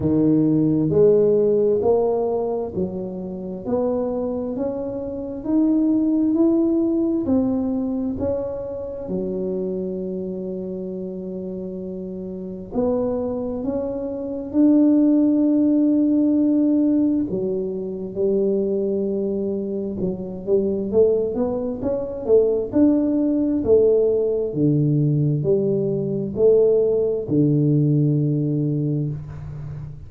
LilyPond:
\new Staff \with { instrumentName = "tuba" } { \time 4/4 \tempo 4 = 66 dis4 gis4 ais4 fis4 | b4 cis'4 dis'4 e'4 | c'4 cis'4 fis2~ | fis2 b4 cis'4 |
d'2. fis4 | g2 fis8 g8 a8 b8 | cis'8 a8 d'4 a4 d4 | g4 a4 d2 | }